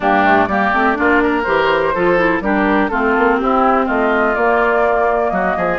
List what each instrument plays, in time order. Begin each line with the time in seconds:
0.00 bassoon G2, clarinet A#3, oboe D4, flute G4
0.24 clarinet A3
0.45 bassoon G3, clarinet A#3, oboe G4, flute D5
0.72 bassoon A3, clarinet C4
0.94 bassoon A#3, clarinet D4, oboe F4
1.23 oboe A#4
1.43 bassoon E3, clarinet G4, flute C5
1.94 bassoon F3, clarinet F4, oboe A4
2.17 clarinet E4
2.41 bassoon G3, clarinet D4, oboe G4, flute A#4
2.88 bassoon A3, clarinet C4, oboe F4, flute A4
3.17 bassoon A#3
3.37 bassoon C4, oboe E4, flute G4
3.85 bassoon A3, oboe F4, flute D#5
4.35 bassoon A#3, clarinet A#3, flute D5
5.30 bassoon F#3, oboe F#4, flute D#5
5.56 bassoon F3, oboe G#4